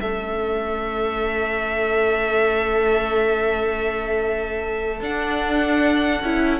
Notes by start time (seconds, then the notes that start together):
0.00 A3 C#4 A4 E5
5.00 D4 F#5
6.21 C#4 E4